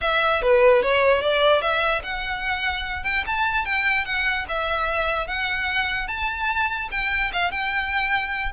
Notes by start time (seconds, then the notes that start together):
0.01 E5
0.42 B4
0.82 C#5
1.21 D5
1.61 E5
2.03 F#5
3.03 G5
3.26 A5
3.65 G5
4.05 F#5
4.48 E5
5.27 F#5
6.07 A5
6.91 G5
7.32 F5
7.51 G5